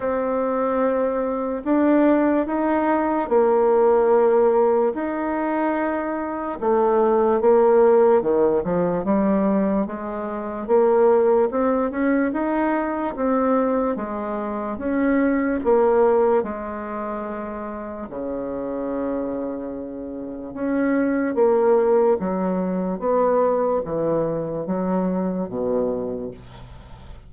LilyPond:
\new Staff \with { instrumentName = "bassoon" } { \time 4/4 \tempo 4 = 73 c'2 d'4 dis'4 | ais2 dis'2 | a4 ais4 dis8 f8 g4 | gis4 ais4 c'8 cis'8 dis'4 |
c'4 gis4 cis'4 ais4 | gis2 cis2~ | cis4 cis'4 ais4 fis4 | b4 e4 fis4 b,4 | }